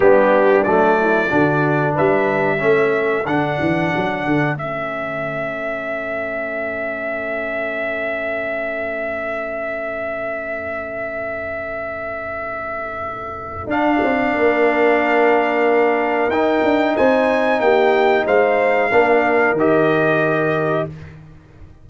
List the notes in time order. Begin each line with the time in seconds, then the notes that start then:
0.00 G3 B3 D4 G4
0.63 F#3 A3 D5
0.99 E4
1.29 D3 D4 F#4
1.94 G3 B4 E5
2.58 A3 C#4 A4
3.25 D3 D4 F#5
3.60 E3
3.95 F#3
4.25 D3
4.54 A3 C#4 E5
13.66 D4 F5
14.02 C4
14.33 A#3 A#4
16.28 D#4 G5
16.63 D4
16.96 C4 C5 G#5
17.59 A#3 G4 G5
18.25 G#3 C5 F5
18.91 A#3 D4 A#4
19.52 D#3
19.59 G4 D#5